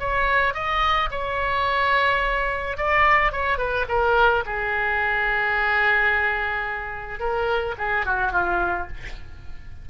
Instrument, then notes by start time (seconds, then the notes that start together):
oboe
0.00 C#5
0.54 D#5
1.11 C#5
2.77 D5
3.32 C#5
3.58 B4
3.89 A#4
4.46 G#4
7.20 A#4
7.78 G#4
8.06 F#4
8.32 F4